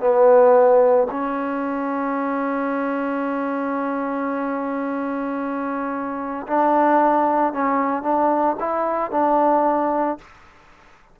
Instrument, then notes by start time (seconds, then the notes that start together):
trombone
0.00 B3
1.10 C#4
6.47 D4
7.53 C#4
8.02 D4
8.60 E4
9.11 D4